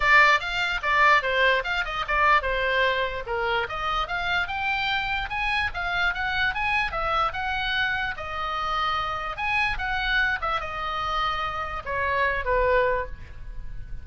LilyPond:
\new Staff \with { instrumentName = "oboe" } { \time 4/4 \tempo 4 = 147 d''4 f''4 d''4 c''4 | f''8 dis''8 d''4 c''2 | ais'4 dis''4 f''4 g''4~ | g''4 gis''4 f''4 fis''4 |
gis''4 e''4 fis''2 | dis''2. gis''4 | fis''4. e''8 dis''2~ | dis''4 cis''4. b'4. | }